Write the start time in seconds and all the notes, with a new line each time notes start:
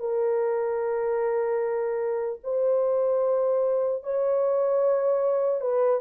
0.00 A#4
2.44 C5
4.04 C#5
5.61 B4